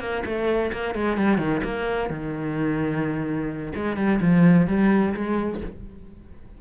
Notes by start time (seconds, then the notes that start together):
0.00 A#3
0.26 A3
0.73 A#3
0.95 G#3
1.17 G3
1.38 D#3
1.64 A#3
2.10 D#3
3.76 G#3
3.97 G3
4.21 F3
4.67 G3
5.14 G#3